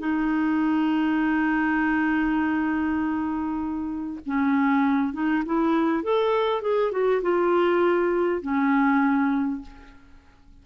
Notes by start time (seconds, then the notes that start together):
0.00 D#4
4.27 C#4
5.13 D#4
5.46 E4
6.04 A4
6.62 G#4
6.92 F#4
7.22 F4
8.42 C#4